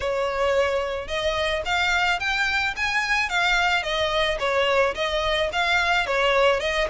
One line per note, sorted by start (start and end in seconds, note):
0.00 1.07 C#5
1.07 1.62 D#5
1.65 2.19 F5
2.19 2.74 G5
2.76 3.29 G#5
3.29 3.83 F5
3.83 4.38 D#5
4.39 4.94 C#5
4.94 5.49 D#5
5.52 6.06 F5
6.06 6.60 C#5
6.60 6.87 D#5